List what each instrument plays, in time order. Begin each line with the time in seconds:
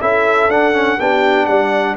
0.00 tuba C#4, trombone E4, horn A4, trumpet E5
0.48 tuba D4, trombone D4, trumpet F#5
0.73 trombone C#4
1.00 tuba B3, trombone D4, horn G4, trumpet G5
1.46 tuba G3, horn D5, trumpet F#5